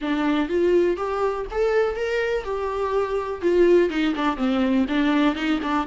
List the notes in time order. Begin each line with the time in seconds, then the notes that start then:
0.01 D4
0.49 F4
0.96 G4
1.51 A4
1.95 A#4
2.44 G4
3.41 F4
3.89 D#4
4.15 D4
4.37 C4
4.88 D4
5.35 D#4
5.62 D4